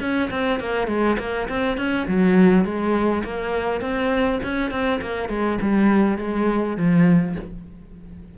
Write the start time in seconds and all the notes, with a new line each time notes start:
0.00 C#4
0.30 C4
0.59 A#3
0.87 G#3
1.19 A#3
1.49 C4
1.77 C#4
2.08 F#3
2.64 G#3
3.24 A#3
3.81 C4
4.43 C#4
4.71 C4
5.01 A#3
5.29 G#3
5.61 G3
6.18 G#3
6.77 F3